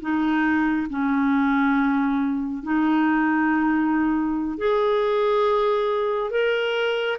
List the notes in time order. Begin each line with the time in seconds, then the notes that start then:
0.00 D#4
0.90 C#4
2.63 D#4
4.57 G#4
6.30 A#4